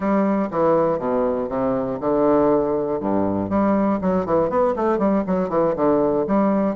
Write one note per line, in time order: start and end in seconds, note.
0.00 0.49 G3
0.50 0.98 E3
0.98 1.48 B2
1.48 1.98 C3
2.00 3.00 D3
3.00 3.49 G2
3.49 3.99 G3
4.01 4.25 F#3
4.25 4.49 E3
4.49 4.74 B3
4.76 4.98 A3
4.98 5.23 G3
5.26 5.49 F#3
5.49 5.74 E3
5.75 6.25 D3
6.27 6.75 G3